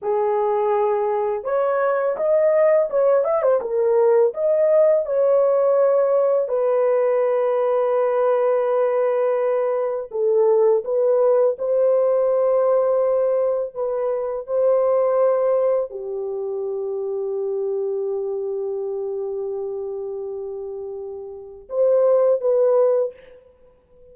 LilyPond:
\new Staff \with { instrumentName = "horn" } { \time 4/4 \tempo 4 = 83 gis'2 cis''4 dis''4 | cis''8 e''16 c''16 ais'4 dis''4 cis''4~ | cis''4 b'2.~ | b'2 a'4 b'4 |
c''2. b'4 | c''2 g'2~ | g'1~ | g'2 c''4 b'4 | }